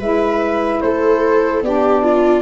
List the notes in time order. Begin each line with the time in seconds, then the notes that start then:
0.00 G#3 E4 B4 E5
0.81 A3 A4 C5
1.62 B3 D4 G4 D5
2.04 F4